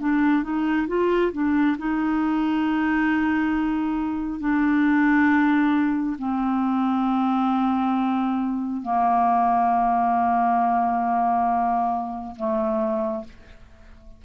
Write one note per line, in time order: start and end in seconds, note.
0.00 0.43 D4
0.43 0.87 D#4
0.88 1.32 F4
1.33 1.77 D4
1.78 4.40 D#4
4.40 6.16 D4
6.18 8.82 C4
8.82 12.35 A#3
12.36 13.24 A3